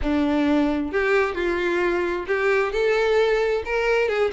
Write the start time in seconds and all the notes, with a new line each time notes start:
0.01 D4
0.92 G4
1.35 F4
2.27 G4
2.72 A4
3.65 A#4
4.08 G#4